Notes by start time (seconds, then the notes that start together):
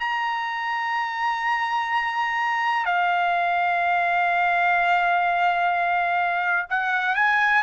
0.00 A#5
2.85 F5
6.70 F#5
7.15 G#5